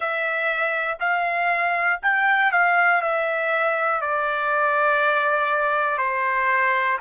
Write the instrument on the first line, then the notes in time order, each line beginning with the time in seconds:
trumpet
0.00 E5
1.00 F5
2.02 G5
2.52 F5
3.01 E5
4.01 D5
5.98 C5